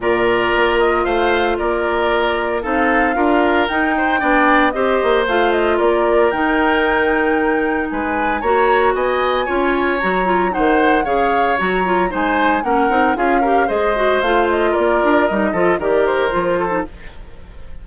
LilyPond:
<<
  \new Staff \with { instrumentName = "flute" } { \time 4/4 \tempo 4 = 114 d''4. dis''8 f''4 d''4~ | d''4 f''2 g''4~ | g''4 dis''4 f''8 dis''8 d''4 | g''2. gis''4 |
ais''4 gis''2 ais''4 | fis''4 f''4 ais''4 gis''4 | fis''4 f''4 dis''4 f''8 dis''8 | d''4 dis''4 d''8 c''4. | }
  \new Staff \with { instrumentName = "oboe" } { \time 4/4 ais'2 c''4 ais'4~ | ais'4 a'4 ais'4. c''8 | d''4 c''2 ais'4~ | ais'2. b'4 |
cis''4 dis''4 cis''2 | c''4 cis''2 c''4 | ais'4 gis'8 ais'8 c''2 | ais'4. a'8 ais'4. a'8 | }
  \new Staff \with { instrumentName = "clarinet" } { \time 4/4 f'1~ | f'4 dis'4 f'4 dis'4 | d'4 g'4 f'2 | dis'1 |
fis'2 f'4 fis'8 f'8 | dis'4 gis'4 fis'8 f'8 dis'4 | cis'8 dis'8 f'8 g'8 gis'8 fis'8 f'4~ | f'4 dis'8 f'8 g'4 f'8. dis'16 | }
  \new Staff \with { instrumentName = "bassoon" } { \time 4/4 ais,4 ais4 a4 ais4~ | ais4 c'4 d'4 dis'4 | b4 c'8 ais8 a4 ais4 | dis2. gis4 |
ais4 b4 cis'4 fis4 | dis4 cis4 fis4 gis4 | ais8 c'8 cis'4 gis4 a4 | ais8 d'8 g8 f8 dis4 f4 | }
>>